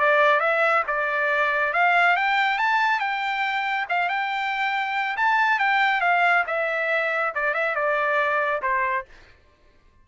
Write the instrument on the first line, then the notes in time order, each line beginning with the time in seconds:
trumpet
0.00 D5
0.41 E5
0.88 D5
1.74 F5
2.17 G5
2.59 A5
3.00 G5
3.89 F5
4.09 G5
5.17 A5
5.60 G5
6.01 F5
6.47 E5
7.35 D5
7.54 E5
7.76 D5
8.63 C5